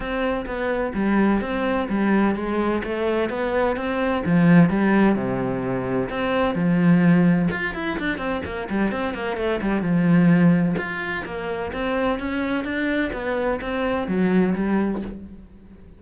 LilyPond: \new Staff \with { instrumentName = "cello" } { \time 4/4 \tempo 4 = 128 c'4 b4 g4 c'4 | g4 gis4 a4 b4 | c'4 f4 g4 c4~ | c4 c'4 f2 |
f'8 e'8 d'8 c'8 ais8 g8 c'8 ais8 | a8 g8 f2 f'4 | ais4 c'4 cis'4 d'4 | b4 c'4 fis4 g4 | }